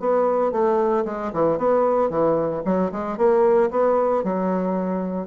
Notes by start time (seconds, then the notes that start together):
0.00 B3
0.52 A3
1.05 G#3
1.33 E3
1.58 B3
2.10 E3
2.65 F#3
2.92 G#3
3.17 A#3
3.71 B3
4.24 F#3